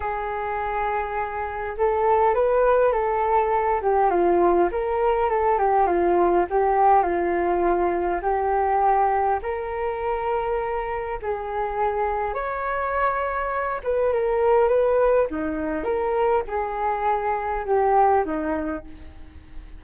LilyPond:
\new Staff \with { instrumentName = "flute" } { \time 4/4 \tempo 4 = 102 gis'2. a'4 | b'4 a'4. g'8 f'4 | ais'4 a'8 g'8 f'4 g'4 | f'2 g'2 |
ais'2. gis'4~ | gis'4 cis''2~ cis''8 b'8 | ais'4 b'4 dis'4 ais'4 | gis'2 g'4 dis'4 | }